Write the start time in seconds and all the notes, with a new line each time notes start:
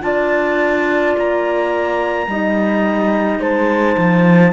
0.00 D4 F4 D5 A5
1.17 A#3 A#5
2.27 G3 D#4 D#5
3.39 G#3 C5 A5
3.97 F3